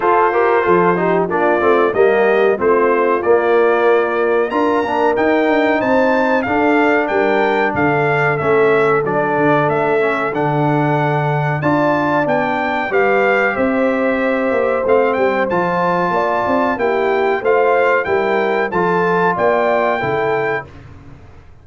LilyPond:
<<
  \new Staff \with { instrumentName = "trumpet" } { \time 4/4 \tempo 4 = 93 c''2 d''4 dis''4 | c''4 d''2 ais''4 | g''4 a''4 f''4 g''4 | f''4 e''4 d''4 e''4 |
fis''2 a''4 g''4 | f''4 e''2 f''8 g''8 | a''2 g''4 f''4 | g''4 a''4 g''2 | }
  \new Staff \with { instrumentName = "horn" } { \time 4/4 a'8 ais'8 a'8 g'8 f'4 g'4 | f'2. ais'4~ | ais'4 c''4 a'4 ais'4 | a'1~ |
a'2 d''2 | b'4 c''2.~ | c''4 d''4 g'4 c''4 | ais'4 a'4 d''4 a'4 | }
  \new Staff \with { instrumentName = "trombone" } { \time 4/4 f'8 g'8 f'8 dis'8 d'8 c'8 ais4 | c'4 ais2 f'8 d'8 | dis'2 d'2~ | d'4 cis'4 d'4. cis'8 |
d'2 f'4 d'4 | g'2. c'4 | f'2 e'4 f'4 | e'4 f'2 e'4 | }
  \new Staff \with { instrumentName = "tuba" } { \time 4/4 f'4 f4 ais8 a8 g4 | a4 ais2 d'8 ais8 | dis'8 d'8 c'4 d'4 g4 | d4 a4 fis8 d8 a4 |
d2 d'4 b4 | g4 c'4. ais8 a8 g8 | f4 ais8 c'8 ais4 a4 | g4 f4 ais4 cis4 | }
>>